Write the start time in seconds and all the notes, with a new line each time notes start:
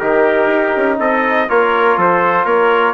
0.00 D#3 D#4 G4 A#4
0.47 D#4
0.76 C#4
0.99 C4 A4 D#5
1.49 A#3 F4 A#4 C#5
1.97 F3 A4 C5
2.45 A#3 A#4 C#5